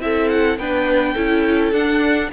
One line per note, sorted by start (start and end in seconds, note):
0.00 0.58 C4
0.00 0.58 E4
0.00 0.59 A4
0.00 0.29 E5
0.29 0.58 F#5
0.58 1.15 B3
0.58 1.16 D4
0.58 1.14 B4
0.58 1.72 G5
1.14 1.72 C#4
1.14 1.74 E4
1.14 2.29 A4
1.72 2.30 D4
1.72 2.32 D4
1.72 2.30 F#5